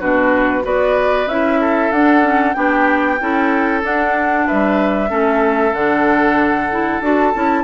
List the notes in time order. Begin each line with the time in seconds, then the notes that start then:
0.00 B2 D4 F#4 B4
0.63 B3 F#4 B4 D5
1.27 C#4 E4 E5
1.61 A4
1.92 D4 F#5
2.22 C#4
2.54 B3 D4 G4 G5
3.21 C#4 E4 A4
3.83 D4 F#5
4.47 G3 B4 E5
5.09 A3 C#4 A4
5.73 D3 D4 F#5
6.71 E4
7.01 D4 F#4 A5
7.35 C#4 E4